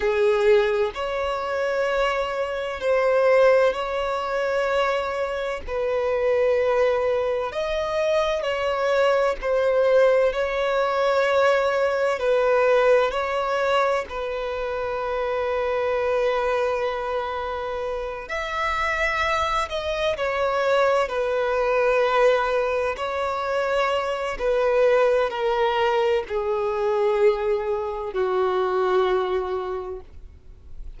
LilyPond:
\new Staff \with { instrumentName = "violin" } { \time 4/4 \tempo 4 = 64 gis'4 cis''2 c''4 | cis''2 b'2 | dis''4 cis''4 c''4 cis''4~ | cis''4 b'4 cis''4 b'4~ |
b'2.~ b'8 e''8~ | e''4 dis''8 cis''4 b'4.~ | b'8 cis''4. b'4 ais'4 | gis'2 fis'2 | }